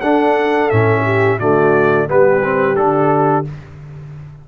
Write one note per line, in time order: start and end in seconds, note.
0.00 0.71 D4
0.00 1.03 A4
0.00 0.70 F#5
0.70 1.40 A2
0.70 1.39 C#4
0.70 1.39 E5
1.05 1.39 G4
1.39 2.09 D3
1.39 2.08 A3
1.39 2.08 F#4
1.39 2.09 D5
2.08 2.77 G3
2.08 2.42 B3
2.08 3.49 G4
2.08 2.76 B4
2.44 2.76 C4
2.76 3.46 D3
2.76 3.45 D4
2.76 3.45 A4